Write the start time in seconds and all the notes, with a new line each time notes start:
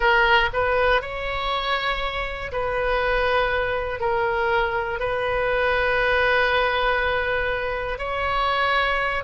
0.00 A#4
0.53 B4
1.01 C#5
2.51 B4
4.00 A#4
5.00 B4
7.98 C#5